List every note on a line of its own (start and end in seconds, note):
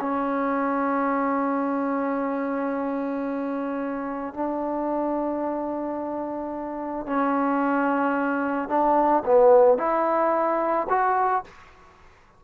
0.00 4.34 C#4
4.34 7.06 D4
7.06 8.68 C#4
8.68 9.23 D4
9.25 9.78 B3
9.78 10.87 E4
10.89 11.44 F#4